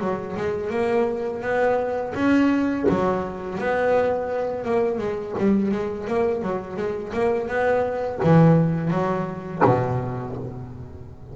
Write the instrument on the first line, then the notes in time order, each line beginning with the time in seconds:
double bass
0.00 F#3
0.37 G#3
0.70 A#3
1.42 B3
2.14 C#4
2.89 F#3
3.59 B3
4.64 A#3
4.98 G#3
5.38 G3
5.71 G#3
6.07 A#3
6.42 F#3
6.76 G#3
7.13 A#3
7.48 B3
8.24 E3
8.90 F#3
9.65 B2